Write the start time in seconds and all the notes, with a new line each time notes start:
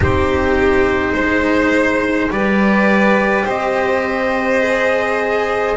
0.00 C4 D#4 G4 C5
1.13 G#3 C5
2.30 G3 G4 B4 D5
3.45 C4 C5 D#5
4.61 G#4